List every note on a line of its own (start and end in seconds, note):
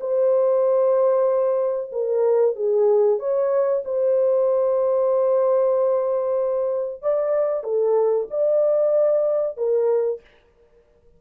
0.00 1.91 C5
1.92 2.56 A#4
2.56 3.19 G#4
3.19 3.83 C#5
3.85 7.02 C5
7.02 7.64 D5
7.64 8.27 A4
8.30 9.57 D5
9.57 10.21 A#4